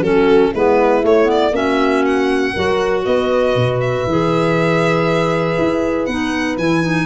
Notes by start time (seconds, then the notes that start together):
0.00 F#3 C#4 F#4 A4
0.52 G#3 B3 E4 B4
1.02 A3 C#5
1.24 B3
1.30 D5
1.51 A#3 C#4 F#4 E5
2.05 F#5
2.53 F#3 F#4 A#4
3.05 B3 B4 D#5
3.55 B2
3.80 E5
4.06 E3 G#4
5.58 E4
6.05 B3 D#4 F#5
6.57 E3 E4 G#5
6.82 D#4